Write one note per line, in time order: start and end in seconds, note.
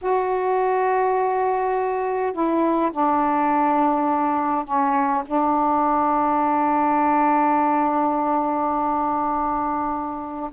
0.01 2.32 F#4
2.32 2.91 E4
2.91 4.64 D4
4.64 5.23 C#4
5.26 10.50 D4